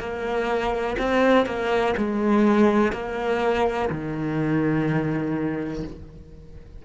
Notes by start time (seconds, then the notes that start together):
0.00 A#3
0.99 C4
1.46 A#3
1.98 G#3
2.93 A#3
3.90 D#3